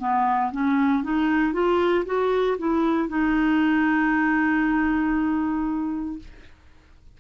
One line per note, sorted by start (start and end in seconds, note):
0.00 0.52 B3
0.52 1.04 C#4
1.04 1.53 D#4
1.53 2.05 F4
2.06 2.58 F#4
2.59 3.09 E4
3.09 6.19 D#4